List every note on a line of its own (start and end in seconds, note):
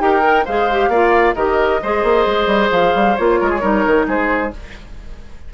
0.00 0.46 D#4
0.00 0.23 G4
0.00 0.45 A#4
0.00 0.46 G5
0.23 0.46 A#4
0.45 0.89 G#3
0.45 0.71 G#4
0.45 0.90 C5
0.45 1.35 F5
0.72 0.93 G4
0.89 1.34 A#3
0.89 1.36 F4
0.89 1.35 D5
1.35 1.81 D#3
1.35 1.81 G4
1.35 1.81 A#4
1.35 2.70 D#5
1.83 2.04 G#3
1.83 3.18 G#4
1.83 3.40 C5
2.04 2.26 A#3
2.26 2.47 G#3
2.47 2.69 G3
2.71 2.94 F3
2.71 3.16 F5
2.95 3.18 G3
3.16 3.41 A#3
3.16 3.61 F4
3.16 4.07 C#5
3.40 3.63 G#3
3.40 3.50 A#4
3.50 3.61 G#4
3.61 3.86 G3
3.61 4.51 D#4
3.61 4.06 A#4
3.87 4.08 D#3
4.08 4.53 G#3
4.08 4.53 G#4
4.08 4.54 C5